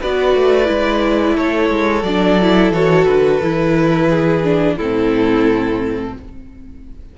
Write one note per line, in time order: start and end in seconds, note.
0.00 0.35 B3
0.00 0.65 F#4
0.00 1.35 B4
0.00 1.36 D5
0.35 0.69 A3
0.65 1.37 G#3
0.65 2.01 E4
1.35 1.69 A3
1.35 4.08 A4
1.35 2.03 C#5
1.69 2.03 G#3
2.03 2.71 F#3
2.03 2.41 D4
2.03 2.71 D5
2.41 2.73 E4
2.71 3.05 E3
2.71 3.41 F#4
2.71 3.05 C#5
3.05 3.41 D3
3.05 4.75 B4
3.41 4.77 E3
3.41 4.43 E4
4.10 4.77 G#4
4.43 4.77 D4
4.77 6.13 A2
4.77 6.18 C4
4.77 6.13 E4
4.77 6.14 A4